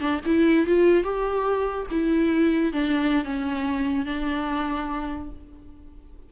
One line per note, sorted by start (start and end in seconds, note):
0.00 0.21 D4
0.26 0.66 E4
0.66 1.04 F4
1.04 1.86 G4
1.91 2.73 E4
2.73 3.24 D4
3.24 4.06 C#4
4.06 5.30 D4